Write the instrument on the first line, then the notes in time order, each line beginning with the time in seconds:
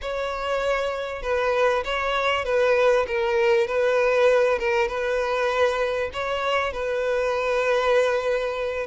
violin
0.01 C#5
1.22 B4
1.84 C#5
2.44 B4
3.07 A#4
3.67 B4
4.59 A#4
4.88 B4
6.13 C#5
6.72 B4